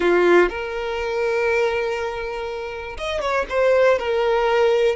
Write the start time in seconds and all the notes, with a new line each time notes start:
0.00 F4
0.49 A#4
2.97 D#5
3.20 C#5
3.49 C5
3.98 A#4